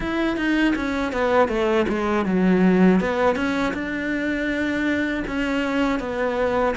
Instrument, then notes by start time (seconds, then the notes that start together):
cello
0.00 E4
0.36 D#4
0.75 C#4
1.12 B3
1.48 A3
1.88 G#3
2.25 F#3
3.00 B3
3.35 C#4
3.73 D4
5.27 C#4
5.99 B3